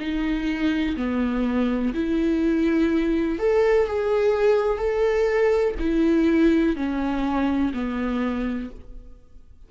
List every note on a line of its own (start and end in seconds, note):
0.00 0.97 D#4
0.97 1.94 B3
1.94 3.39 E4
3.39 3.87 A4
3.87 4.79 G#4
4.79 5.75 A4
5.80 6.76 E4
6.76 7.73 C#4
7.74 8.71 B3